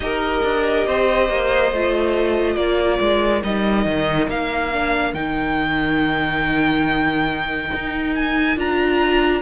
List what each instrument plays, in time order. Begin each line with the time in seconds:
0.00 cello D#4, viola G4, violin A#4 D#5
0.43 cello D4
0.86 cello C4, violin C5
1.28 cello A#3
1.71 cello A3, viola F4
2.56 cello A#3, violin A#4 D5
3.00 cello G#3
3.42 cello G3, viola D#4, violin D#5
3.86 cello D#3
4.27 cello A#3, violin F5
4.72 viola D4
5.13 cello D#3, viola D#4, violin G5
7.74 cello D#4
8.15 violin G#5
8.56 cello D4, viola F4, violin A#5